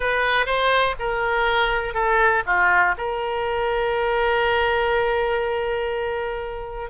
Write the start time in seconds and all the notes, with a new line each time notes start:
0.00 B4
0.46 C5
0.99 A#4
1.94 A4
2.46 F4
2.97 A#4